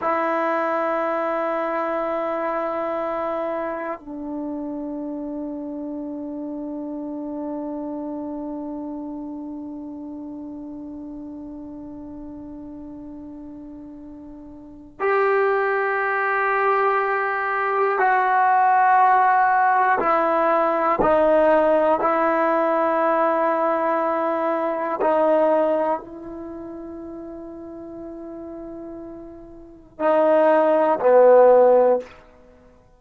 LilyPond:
\new Staff \with { instrumentName = "trombone" } { \time 4/4 \tempo 4 = 60 e'1 | d'1~ | d'1~ | d'2. g'4~ |
g'2 fis'2 | e'4 dis'4 e'2~ | e'4 dis'4 e'2~ | e'2 dis'4 b4 | }